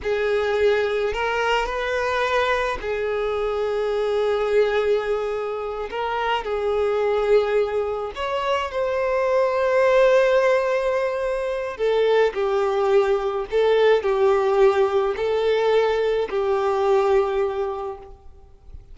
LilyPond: \new Staff \with { instrumentName = "violin" } { \time 4/4 \tempo 4 = 107 gis'2 ais'4 b'4~ | b'4 gis'2.~ | gis'2~ gis'8 ais'4 gis'8~ | gis'2~ gis'8 cis''4 c''8~ |
c''1~ | c''4 a'4 g'2 | a'4 g'2 a'4~ | a'4 g'2. | }